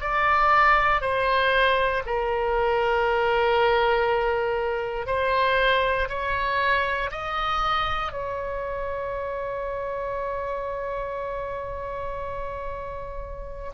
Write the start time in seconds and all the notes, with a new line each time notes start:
0.00 D5
1.01 C5
2.05 A#4
5.06 C5
6.08 C#5
7.11 D#5
8.11 C#5